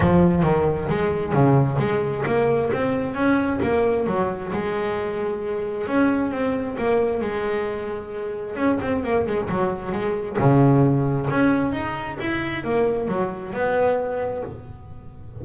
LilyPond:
\new Staff \with { instrumentName = "double bass" } { \time 4/4 \tempo 4 = 133 f4 dis4 gis4 cis4 | gis4 ais4 c'4 cis'4 | ais4 fis4 gis2~ | gis4 cis'4 c'4 ais4 |
gis2. cis'8 c'8 | ais8 gis8 fis4 gis4 cis4~ | cis4 cis'4 dis'4 e'4 | ais4 fis4 b2 | }